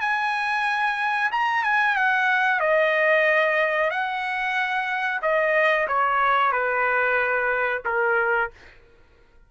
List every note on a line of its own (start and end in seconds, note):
0.00 1.30 G#5
1.31 1.63 A#5
1.63 1.96 G#5
1.96 2.60 F#5
2.60 3.90 D#5
3.90 5.21 F#5
5.22 5.87 D#5
5.87 6.52 C#5
6.52 7.82 B4
7.85 8.50 A#4